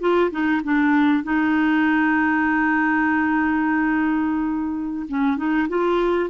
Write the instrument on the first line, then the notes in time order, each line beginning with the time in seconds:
clarinet
0.00 F4
0.31 D#4
0.64 D4
1.24 D#4
5.08 C#4
5.37 D#4
5.69 F4